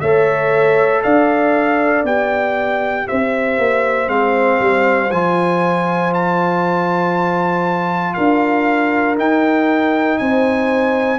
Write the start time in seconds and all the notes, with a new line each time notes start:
0.00 A3 A4 C#5 E5
1.03 D4 D5 F5
2.03 B3 G4 G5
3.07 C4 C5 E5
3.58 A#3
4.06 G#3 C4 F5
4.60 G3
5.11 F3 F4 G#5
6.14 A5
8.14 D4 A#4 F5
9.16 D#4 G5
10.18 C4 C5 G#5